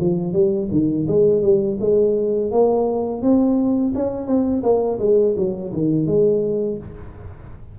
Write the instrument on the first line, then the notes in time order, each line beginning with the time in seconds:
tuba
0.00 F3
0.32 G3
0.71 D#3
1.07 G#3
1.42 G3
1.80 G#3
2.51 A#3
3.22 C4
3.94 C#4
4.26 C4
4.62 A#3
4.99 G#3
5.37 F#3
5.73 D#3
6.06 G#3